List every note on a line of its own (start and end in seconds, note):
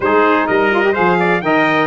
0.00 0.47 G#3
0.00 0.71 D#4
0.00 0.46 G#4
0.00 0.47 C5
0.46 0.96 G3
0.46 0.92 A#4
0.46 0.94 D#5
0.71 0.83 F4
0.83 0.93 G4
0.92 1.42 F3
0.92 1.41 G#4
0.92 1.16 C5
0.92 1.41 F5
1.19 1.43 D5
1.41 1.87 D#3
1.41 1.87 A#4
1.41 1.87 D#5
1.41 1.87 G5